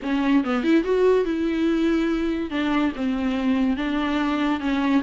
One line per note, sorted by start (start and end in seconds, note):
0.02 0.43 C#4
0.43 0.63 B3
0.63 0.84 E4
0.84 1.24 F#4
1.24 2.50 E4
2.50 2.92 D4
2.95 3.76 C4
3.76 4.59 D4
4.59 5.01 C#4